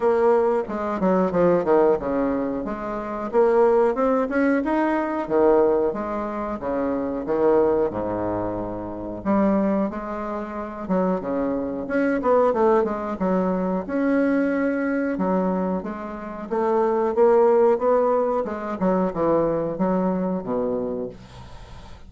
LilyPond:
\new Staff \with { instrumentName = "bassoon" } { \time 4/4 \tempo 4 = 91 ais4 gis8 fis8 f8 dis8 cis4 | gis4 ais4 c'8 cis'8 dis'4 | dis4 gis4 cis4 dis4 | gis,2 g4 gis4~ |
gis8 fis8 cis4 cis'8 b8 a8 gis8 | fis4 cis'2 fis4 | gis4 a4 ais4 b4 | gis8 fis8 e4 fis4 b,4 | }